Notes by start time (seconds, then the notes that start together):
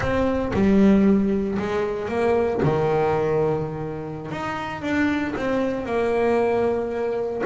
0.00 C4
0.53 G3
1.59 G#3
2.08 A#3
2.62 D#3
4.31 D#4
4.81 D4
5.36 C4
5.85 A#3